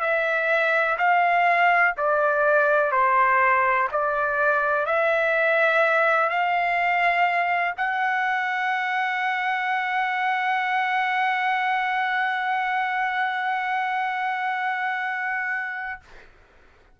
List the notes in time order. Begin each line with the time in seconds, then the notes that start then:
0.00 E5
0.98 F5
1.97 D5
2.92 C5
3.91 D5
4.86 E5
6.29 F5
7.77 F#5